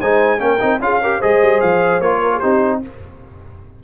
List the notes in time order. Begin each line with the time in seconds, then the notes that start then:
0.00 G#3 D#4 C5 G#5
0.38 A#3 C#4 A#4 G5
0.60 C4 D#4
0.79 C#4 F4 G#4 F5
1.02 G4 A#4
1.19 G#3 G#4 C5 D#5
1.42 G3
1.60 F3 F5
2.00 A#3 F4 C#5
2.22 A#4
2.33 G#4
2.39 C4 D#4 G4 C5